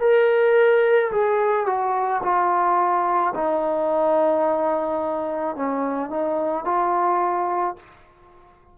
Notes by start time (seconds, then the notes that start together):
0.00 A#4
1.11 G#4
1.66 F#4
2.22 F4
3.35 D#4
5.56 C#4
6.10 D#4
6.65 F4